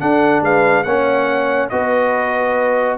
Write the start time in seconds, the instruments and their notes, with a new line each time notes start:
0.00 trombone D4, tuba D4, horn A4, trumpet F#5
0.42 tuba G#3, horn B4, trumpet F5
0.84 tuba A#3, trombone C#4, horn C#5, trumpet F#5
1.70 tuba B3, trombone F#4, horn B4, trumpet D#5